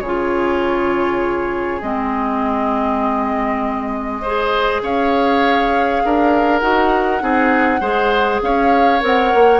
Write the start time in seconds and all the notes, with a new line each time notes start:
0.00 C#3 F4 G#4 C#5
1.81 G#3 C4 D#5
4.21 G#4 C5
4.82 C#4 C#5 F5
6.04 D4 A#4
6.59 D#4 F#4 F#5
7.19 C4 D#4 G#4
7.80 G#3 G#4 C5
8.42 C#4 C#5 F5
9.00 C4 A#4 F#5
9.34 A#3